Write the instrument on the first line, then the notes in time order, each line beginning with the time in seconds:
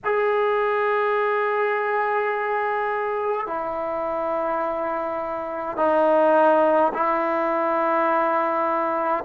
trombone
0.04 G#4
3.46 E4
5.76 D#4
6.93 E4